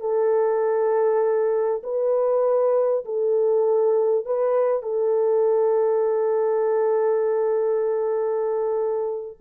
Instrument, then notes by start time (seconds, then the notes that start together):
horn
0.00 A4
1.83 B4
3.05 A4
4.25 B4
4.83 A4